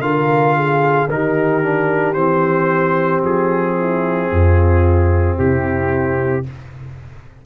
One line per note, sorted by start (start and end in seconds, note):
0.00 1.07 D3
0.00 1.09 F4
0.00 0.56 A#4
0.00 1.08 F5
0.56 1.10 G#4
1.09 2.15 D#3
1.09 1.63 D#4
1.09 3.79 G4
1.09 2.14 A#4
1.63 2.15 D4
2.14 3.22 E3
2.14 6.44 C4
2.14 3.21 C5
3.23 4.30 F3
3.23 5.39 G#4
3.79 4.31 E4
4.31 5.38 F2
4.31 5.37 F4
5.37 6.46 C3
5.37 6.45 E4
5.37 6.46 G4